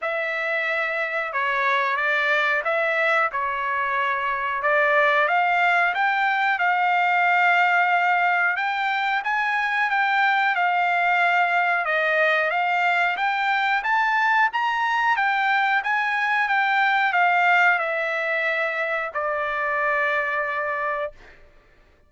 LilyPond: \new Staff \with { instrumentName = "trumpet" } { \time 4/4 \tempo 4 = 91 e''2 cis''4 d''4 | e''4 cis''2 d''4 | f''4 g''4 f''2~ | f''4 g''4 gis''4 g''4 |
f''2 dis''4 f''4 | g''4 a''4 ais''4 g''4 | gis''4 g''4 f''4 e''4~ | e''4 d''2. | }